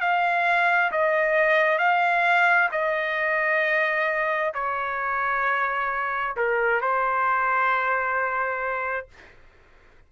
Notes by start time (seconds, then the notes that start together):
0.00 F5
0.91 D#5
1.78 F5
2.71 D#5
4.54 C#5
6.36 A#4
6.81 C5